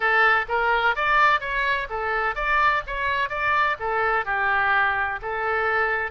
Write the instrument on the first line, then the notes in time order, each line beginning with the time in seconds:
oboe
0.00 A4
0.48 A#4
0.95 D5
1.40 C#5
1.89 A4
2.35 D5
2.86 C#5
3.29 D5
3.79 A4
4.25 G4
5.22 A4